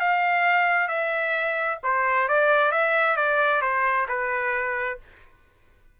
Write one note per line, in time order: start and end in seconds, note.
0.00 0.88 F5
0.88 1.78 E5
1.83 2.28 C5
2.28 2.72 D5
2.72 3.16 E5
3.16 3.62 D5
3.62 4.07 C5
4.09 4.99 B4